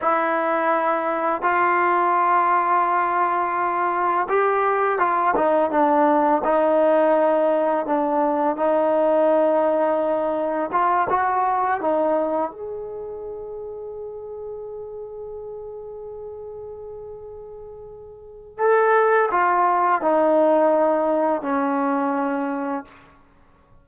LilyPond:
\new Staff \with { instrumentName = "trombone" } { \time 4/4 \tempo 4 = 84 e'2 f'2~ | f'2 g'4 f'8 dis'8 | d'4 dis'2 d'4 | dis'2. f'8 fis'8~ |
fis'8 dis'4 gis'2~ gis'8~ | gis'1~ | gis'2 a'4 f'4 | dis'2 cis'2 | }